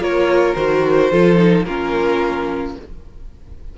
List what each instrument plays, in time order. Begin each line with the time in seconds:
0.00 cello A#3, viola F4, violin A#4 C#5
0.55 cello D#3, viola F#4, violin C5
1.11 cello F3, viola F4, violin A4
1.37 viola D#4
1.65 cello A#3, viola C#4, violin F4 A#4